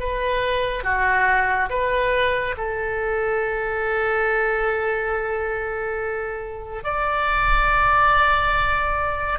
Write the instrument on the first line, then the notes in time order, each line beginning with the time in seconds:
oboe
0.00 B4
0.84 F#4
1.70 B4
2.58 A4
6.84 D5